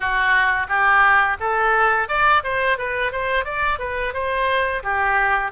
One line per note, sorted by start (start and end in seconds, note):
0.00 0.67 F#4
0.68 1.37 G4
1.40 2.08 A4
2.08 2.42 D5
2.43 2.77 C5
2.77 3.12 B4
3.12 3.44 C5
3.44 3.79 D5
3.79 4.13 B4
4.13 4.82 C5
4.83 5.51 G4